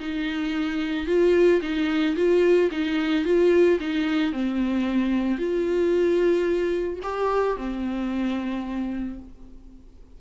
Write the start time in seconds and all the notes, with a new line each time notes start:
0.00 D#4
1.07 F4
1.62 D#4
2.16 F4
2.72 D#4
3.25 F4
3.81 D#4
4.33 C4
5.38 F4
7.03 G4
7.57 C4